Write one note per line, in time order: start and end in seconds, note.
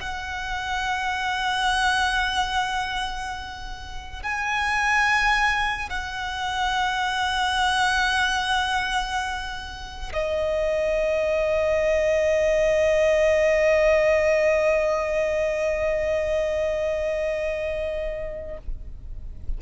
0.00 4.23 F#5
4.23 5.90 G#5
5.90 10.12 F#5
10.13 18.58 D#5